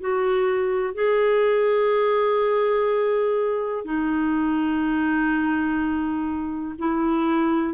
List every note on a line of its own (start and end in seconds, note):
0.00 0.94 F#4
0.94 3.84 G#4
3.84 6.75 D#4
6.78 7.74 E4